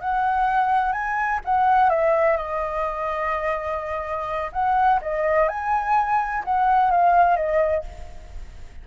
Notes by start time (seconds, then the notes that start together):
0.00 F#5
0.92 G#5
1.45 F#5
1.89 E5
2.37 D#5
4.52 F#5
5.01 D#5
5.48 G#5
6.44 F#5
6.90 F5
7.36 D#5